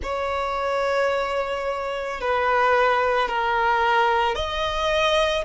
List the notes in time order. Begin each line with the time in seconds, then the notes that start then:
0.02 C#5
2.20 B4
3.28 A#4
4.35 D#5